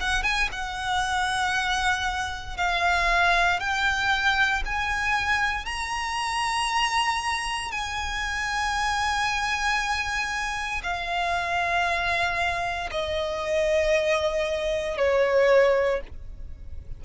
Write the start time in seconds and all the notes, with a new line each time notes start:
0.00 F#5
0.23 G#5
0.52 F#5
2.57 F5
3.60 G5
4.66 G#5
5.65 A#5
7.71 G#5
10.83 F5
12.91 D#5
14.97 C#5